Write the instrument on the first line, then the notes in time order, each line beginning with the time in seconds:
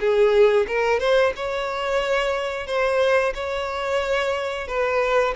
violin
0.00 G#4
0.68 A#4
1.00 C5
1.36 C#5
2.67 C5
3.34 C#5
4.68 B4